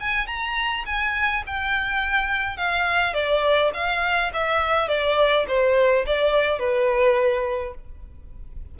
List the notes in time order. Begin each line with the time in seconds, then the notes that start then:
0.00 G#5
0.27 A#5
0.85 G#5
1.46 G5
2.57 F5
3.13 D5
3.73 F5
4.33 E5
4.88 D5
5.48 C5
6.06 D5
6.59 B4